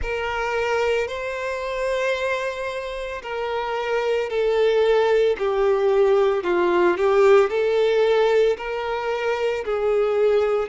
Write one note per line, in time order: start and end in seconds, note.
0.01 1.07 A#4
1.07 3.21 C5
3.22 4.29 A#4
4.29 5.36 A4
5.38 6.43 G4
6.43 6.96 F4
6.97 7.49 G4
7.49 8.56 A4
8.57 9.64 A#4
9.64 10.68 G#4